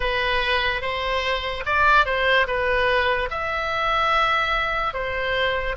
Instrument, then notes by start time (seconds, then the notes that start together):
oboe
0.00 B4
0.81 C5
1.65 D5
2.05 C5
2.47 B4
3.30 E5
4.93 C5